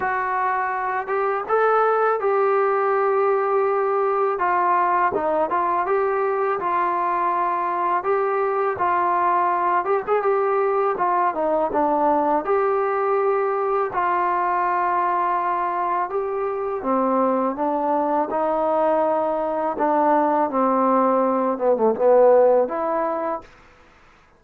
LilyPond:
\new Staff \with { instrumentName = "trombone" } { \time 4/4 \tempo 4 = 82 fis'4. g'8 a'4 g'4~ | g'2 f'4 dis'8 f'8 | g'4 f'2 g'4 | f'4. g'16 gis'16 g'4 f'8 dis'8 |
d'4 g'2 f'4~ | f'2 g'4 c'4 | d'4 dis'2 d'4 | c'4. b16 a16 b4 e'4 | }